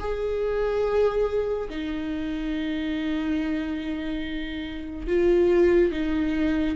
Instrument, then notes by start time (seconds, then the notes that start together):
viola
0.00 G#4
1.70 D#4
5.08 F4
5.92 D#4